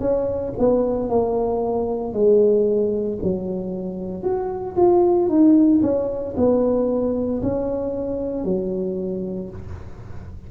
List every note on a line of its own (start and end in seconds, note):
0.00 0.53 C#4
0.58 1.09 B3
1.09 2.13 A#3
2.13 3.18 G#3
3.23 4.23 F#3
4.23 4.76 F#4
4.77 5.29 F4
5.29 5.81 D#4
5.82 6.35 C#4
6.37 7.42 B3
7.42 8.44 C#4
8.44 9.49 F#3